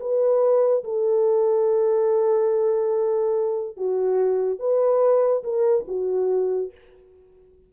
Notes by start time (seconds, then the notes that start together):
0.00 B4
0.84 A4
3.77 F#4
4.60 B4
5.44 A#4
5.88 F#4